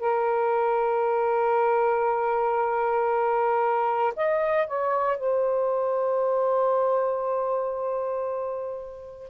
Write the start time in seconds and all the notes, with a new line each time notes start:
0.00 A#4
4.16 D#5
4.67 C#5
5.17 C5